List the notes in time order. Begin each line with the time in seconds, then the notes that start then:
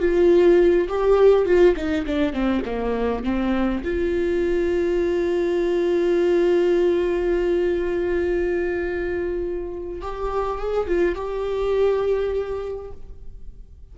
0.00 F4
0.89 G4
1.46 F4
1.76 D#4
2.06 D4
2.33 C4
2.65 A#3
3.24 C4
3.84 F4
10.02 G4
10.59 G#4
10.87 F4
11.16 G4